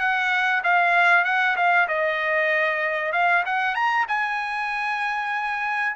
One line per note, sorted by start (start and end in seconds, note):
0.00 0.62 F#5
0.64 1.25 F5
1.25 1.56 F#5
1.57 1.88 F5
1.88 3.12 D#5
3.12 3.44 F5
3.46 3.75 F#5
3.75 4.06 A#5
4.09 5.96 G#5